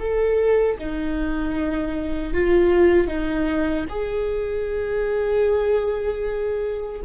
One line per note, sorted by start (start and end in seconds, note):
0.00 0.78 A4
0.79 2.34 D#4
2.34 3.08 F4
3.08 3.86 D#4
3.90 7.01 G#4